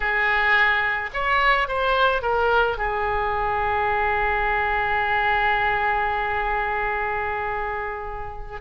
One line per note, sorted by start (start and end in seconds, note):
0.00 1.10 G#4
1.13 1.67 C#5
1.67 2.22 C5
2.22 2.77 A#4
2.77 8.61 G#4